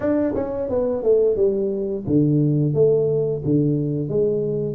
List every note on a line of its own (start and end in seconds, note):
0.00 0.33 D4
0.34 0.68 C#4
0.69 1.03 B3
1.03 1.36 A3
1.36 2.04 G3
2.06 2.74 D3
2.74 3.42 A3
3.44 4.08 D3
4.08 4.75 G#3